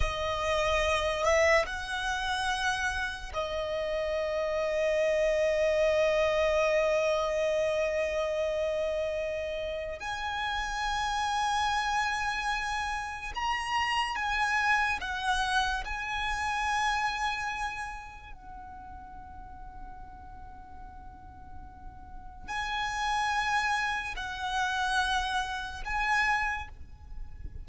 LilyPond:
\new Staff \with { instrumentName = "violin" } { \time 4/4 \tempo 4 = 72 dis''4. e''8 fis''2 | dis''1~ | dis''1 | gis''1 |
ais''4 gis''4 fis''4 gis''4~ | gis''2 fis''2~ | fis''2. gis''4~ | gis''4 fis''2 gis''4 | }